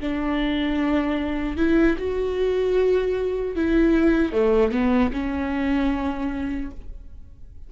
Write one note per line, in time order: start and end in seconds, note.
0.00 1.57 D4
1.57 1.96 E4
1.98 3.56 F#4
3.56 4.32 E4
4.32 4.72 A3
4.72 5.11 B3
5.13 6.71 C#4